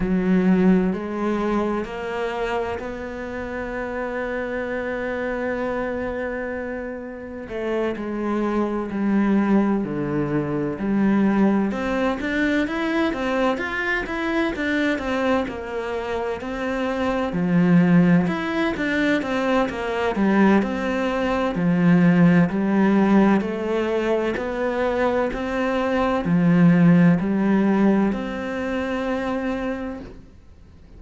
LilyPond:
\new Staff \with { instrumentName = "cello" } { \time 4/4 \tempo 4 = 64 fis4 gis4 ais4 b4~ | b1 | a8 gis4 g4 d4 g8~ | g8 c'8 d'8 e'8 c'8 f'8 e'8 d'8 |
c'8 ais4 c'4 f4 e'8 | d'8 c'8 ais8 g8 c'4 f4 | g4 a4 b4 c'4 | f4 g4 c'2 | }